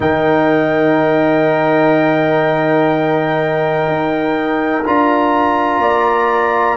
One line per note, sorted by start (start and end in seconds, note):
0.00 3.87 D#3
0.00 4.83 D#4
0.00 5.81 A#4
0.00 4.84 G5
3.87 4.84 D#4
4.85 5.78 D4
4.85 6.76 F4
4.85 6.76 A#5
5.78 6.75 A#3
5.78 6.76 D5